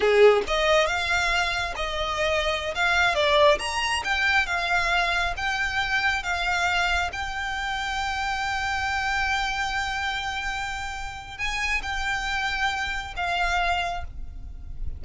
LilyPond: \new Staff \with { instrumentName = "violin" } { \time 4/4 \tempo 4 = 137 gis'4 dis''4 f''2 | dis''2~ dis''16 f''4 d''8.~ | d''16 ais''4 g''4 f''4.~ f''16~ | f''16 g''2 f''4.~ f''16~ |
f''16 g''2.~ g''8.~ | g''1~ | g''2 gis''4 g''4~ | g''2 f''2 | }